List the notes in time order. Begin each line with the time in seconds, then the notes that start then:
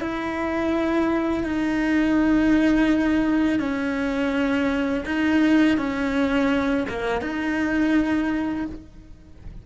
0.00 E4
1.44 D#4
3.59 C#4
5.05 D#4
5.77 C#4
6.88 A#3
7.21 D#4